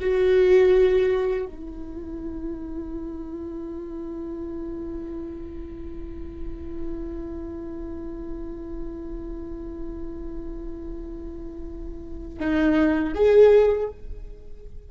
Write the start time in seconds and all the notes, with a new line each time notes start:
0.00 F#4
1.46 E4
12.39 D#4
13.14 G#4